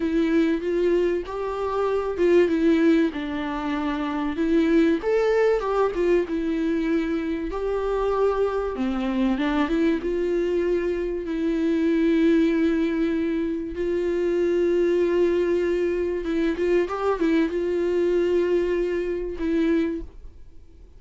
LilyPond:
\new Staff \with { instrumentName = "viola" } { \time 4/4 \tempo 4 = 96 e'4 f'4 g'4. f'8 | e'4 d'2 e'4 | a'4 g'8 f'8 e'2 | g'2 c'4 d'8 e'8 |
f'2 e'2~ | e'2 f'2~ | f'2 e'8 f'8 g'8 e'8 | f'2. e'4 | }